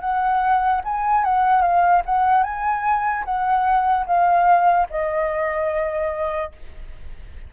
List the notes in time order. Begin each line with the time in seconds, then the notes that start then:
0.00 F#5
0.84 G#5
1.24 F#5
1.61 F5
2.05 F#5
2.43 G#5
3.25 F#5
4.06 F5
4.90 D#5